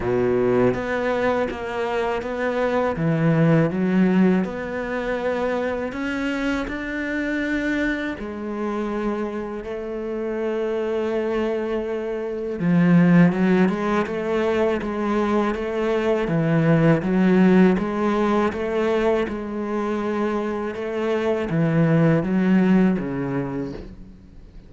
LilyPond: \new Staff \with { instrumentName = "cello" } { \time 4/4 \tempo 4 = 81 b,4 b4 ais4 b4 | e4 fis4 b2 | cis'4 d'2 gis4~ | gis4 a2.~ |
a4 f4 fis8 gis8 a4 | gis4 a4 e4 fis4 | gis4 a4 gis2 | a4 e4 fis4 cis4 | }